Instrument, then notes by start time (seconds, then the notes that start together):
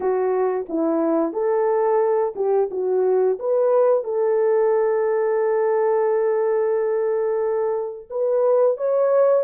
horn
0.00 F#4
0.69 E4
1.32 A4
2.35 G4
2.71 F#4
3.39 B4
4.04 A4
8.10 B4
8.77 C#5